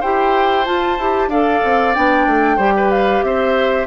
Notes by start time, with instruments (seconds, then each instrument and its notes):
0.00 bassoon E4, clarinet G4, oboe C5, flute G5
0.65 clarinet F4, bassoon F4, flute A5
0.98 bassoon E4, clarinet G4
1.27 bassoon D4, clarinet A4, oboe D5, flute F5
1.64 bassoon C4
1.94 bassoon B3, clarinet D4, flute G5
2.26 bassoon A3
2.56 bassoon G3, clarinet G4, oboe C5
2.76 oboe B4
2.91 flute F5
3.22 bassoon C4, oboe C5, flute E5